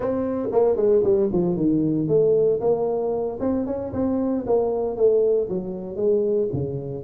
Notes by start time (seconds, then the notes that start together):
0.00 C4
0.52 A#3
0.76 G#3
1.03 G3
1.32 F3
1.56 D#3
2.08 A3
2.60 A#3
3.40 C4
3.66 C#4
3.92 C4
4.46 A#3
4.96 A3
5.48 F#3
5.96 G#3
6.52 C#3